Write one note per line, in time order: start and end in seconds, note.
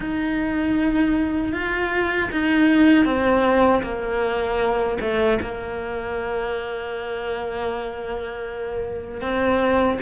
0.00 1.52 D#4
1.52 2.29 F4
2.31 3.05 D#4
3.05 3.82 C4
3.83 4.98 A#3
5.00 5.39 A3
5.41 9.21 A#3
9.21 9.98 C4